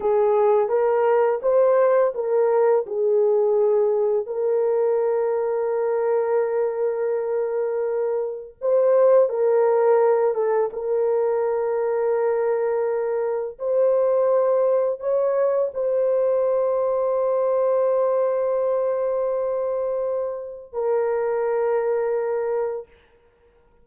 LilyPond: \new Staff \with { instrumentName = "horn" } { \time 4/4 \tempo 4 = 84 gis'4 ais'4 c''4 ais'4 | gis'2 ais'2~ | ais'1 | c''4 ais'4. a'8 ais'4~ |
ais'2. c''4~ | c''4 cis''4 c''2~ | c''1~ | c''4 ais'2. | }